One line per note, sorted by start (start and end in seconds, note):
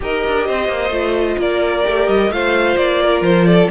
0.00 0.24 D#4
0.00 0.90 G4
0.00 0.46 A#4
0.00 1.41 D#5
0.26 0.49 D4
0.46 0.68 C4
0.46 1.38 C5
0.68 0.89 A#3
0.89 1.35 A3
0.89 1.82 F4
1.38 1.84 A#3
1.38 2.33 A#4
1.38 2.08 D5
1.82 2.08 A3
1.82 2.28 G4
2.08 2.30 G3
2.08 2.31 D#5
2.30 2.76 A3
2.30 3.70 F4
2.30 3.02 C5
2.30 2.76 F5
2.76 3.21 A#3
2.76 3.22 D5
3.02 3.47 A#4
3.21 3.67 F3
3.21 3.46 C5
3.46 3.70 A4
3.46 3.69 D5